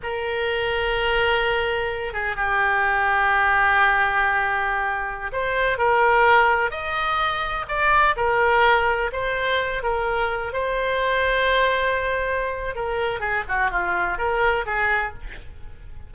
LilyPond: \new Staff \with { instrumentName = "oboe" } { \time 4/4 \tempo 4 = 127 ais'1~ | ais'8 gis'8 g'2.~ | g'2.~ g'16 c''8.~ | c''16 ais'2 dis''4.~ dis''16~ |
dis''16 d''4 ais'2 c''8.~ | c''8. ais'4. c''4.~ c''16~ | c''2. ais'4 | gis'8 fis'8 f'4 ais'4 gis'4 | }